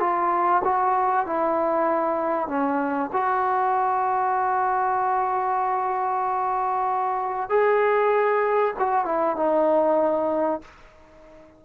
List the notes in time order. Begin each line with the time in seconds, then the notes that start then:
0.00 F4
0.64 F#4
1.26 E4
2.48 C#4
3.13 F#4
7.49 G#4
8.79 F#4
9.05 E4
9.37 D#4